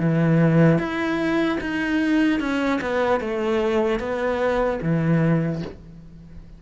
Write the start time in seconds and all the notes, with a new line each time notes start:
0.00 E3
0.79 E4
1.61 D#4
2.40 C#4
2.81 B3
3.21 A3
4.00 B3
4.82 E3